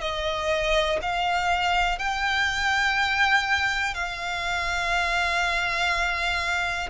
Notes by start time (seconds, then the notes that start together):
0.00 D#5
1.01 F5
1.98 G5
3.94 F5